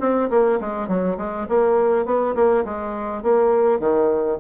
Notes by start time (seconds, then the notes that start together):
0.00 C4
0.30 A#3
0.60 G#3
0.88 F#3
1.18 G#3
1.49 A#3
2.05 B3
2.35 A#3
2.65 G#3
3.23 A#3
3.79 D#3